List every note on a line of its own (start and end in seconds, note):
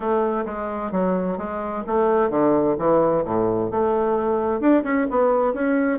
0.00 0.44 A3
0.45 0.91 G#3
0.91 1.37 F#3
1.37 1.83 G#3
1.87 2.30 A3
2.30 2.76 D3
2.78 3.24 E3
3.24 3.70 A2
3.70 4.60 A3
4.60 4.83 D4
4.83 5.06 C#4
5.10 5.53 B3
5.53 5.99 C#4